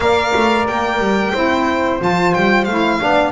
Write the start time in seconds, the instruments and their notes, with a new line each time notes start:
0.00 double bass A#3, saxophone A#4, horn D5, violin F5
0.34 double bass A3
0.67 double bass A#3, violin G5
0.99 double bass G3
1.33 double bass C4, saxophone E4, horn C5
1.99 double bass F3, saxophone F4, violin A5
2.33 double bass G3, violin G5
2.64 double bass A3, saxophone E4, violin F5
3.00 double bass B3, saxophone D4, horn D5